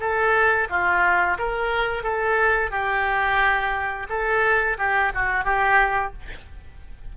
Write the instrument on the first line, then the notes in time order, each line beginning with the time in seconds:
oboe
0.00 A4
0.70 F4
1.39 A#4
2.03 A4
2.71 G4
4.09 A4
4.78 G4
5.14 F#4
5.44 G4